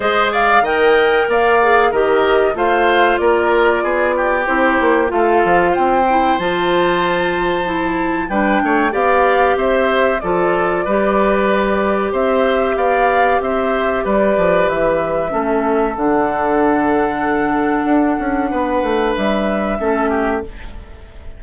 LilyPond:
<<
  \new Staff \with { instrumentName = "flute" } { \time 4/4 \tempo 4 = 94 dis''8 f''8 g''4 f''4 dis''4 | f''4 d''2 c''4 | f''4 g''4 a''2~ | a''4 g''4 f''4 e''4 |
d''2. e''4 | f''4 e''4 d''4 e''4~ | e''4 fis''2.~ | fis''2 e''2 | }
  \new Staff \with { instrumentName = "oboe" } { \time 4/4 c''8 d''8 dis''4 d''4 ais'4 | c''4 ais'4 gis'8 g'4. | a'4 c''2.~ | c''4 b'8 cis''8 d''4 c''4 |
a'4 b'2 c''4 | d''4 c''4 b'2 | a'1~ | a'4 b'2 a'8 g'8 | }
  \new Staff \with { instrumentName = "clarinet" } { \time 4/4 gis'4 ais'4. gis'8 g'4 | f'2. e'4 | f'4. e'8 f'2 | e'4 d'4 g'2 |
f'4 g'2.~ | g'1 | cis'4 d'2.~ | d'2. cis'4 | }
  \new Staff \with { instrumentName = "bassoon" } { \time 4/4 gis4 dis4 ais4 dis4 | a4 ais4 b4 c'8 ais8 | a8 f8 c'4 f2~ | f4 g8 a8 b4 c'4 |
f4 g2 c'4 | b4 c'4 g8 f8 e4 | a4 d2. | d'8 cis'8 b8 a8 g4 a4 | }
>>